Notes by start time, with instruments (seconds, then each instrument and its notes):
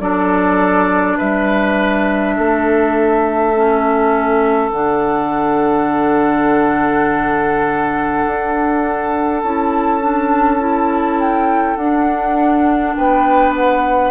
0.00 bassoon F#3, clarinet D4, oboe A4, flute D5
1.18 bassoon G3, oboe B4, flute E5
2.37 bassoon A3, oboe A4
3.55 clarinet C#4
4.71 bassoon D3, clarinet D4, flute F#5
8.26 bassoon D4
9.43 bassoon C#4, clarinet E4, flute A5
10.01 clarinet D4
10.60 clarinet E4
11.20 flute G5
11.77 bassoon D4, clarinet D4, flute F#5
12.95 bassoon B3, oboe B4, flute G5
13.56 flute F#5